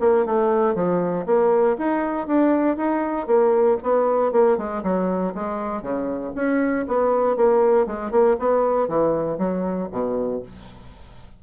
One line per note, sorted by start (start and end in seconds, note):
0.00 0.25 A#3
0.26 0.75 A3
0.75 1.26 F3
1.26 1.77 A#3
1.78 2.27 D#4
2.27 2.77 D4
2.77 3.27 D#4
3.27 3.78 A#3
3.83 4.32 B3
4.32 4.57 A#3
4.57 4.83 G#3
4.83 5.34 F#3
5.34 5.82 G#3
5.82 6.33 C#3
6.35 6.86 C#4
6.88 7.36 B3
7.36 7.86 A#3
7.86 8.11 G#3
8.11 8.36 A#3
8.39 8.88 B3
8.88 9.38 E3
9.38 9.89 F#3
9.91 10.42 B2